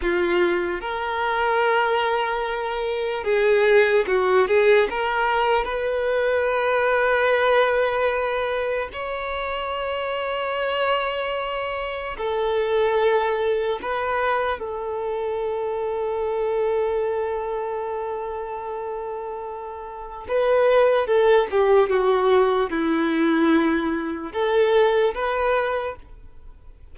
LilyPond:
\new Staff \with { instrumentName = "violin" } { \time 4/4 \tempo 4 = 74 f'4 ais'2. | gis'4 fis'8 gis'8 ais'4 b'4~ | b'2. cis''4~ | cis''2. a'4~ |
a'4 b'4 a'2~ | a'1~ | a'4 b'4 a'8 g'8 fis'4 | e'2 a'4 b'4 | }